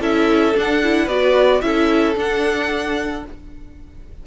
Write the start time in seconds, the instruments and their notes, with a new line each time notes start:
0.00 cello C#4, viola E4, violin A4 E5
0.54 viola D4, cello D4, violin F#5
0.83 viola E4
1.04 cello B3, viola F#4, violin B4 D5
1.61 cello C#4, viola E4, violin A4 E5
2.15 viola D4, cello D4, violin F#5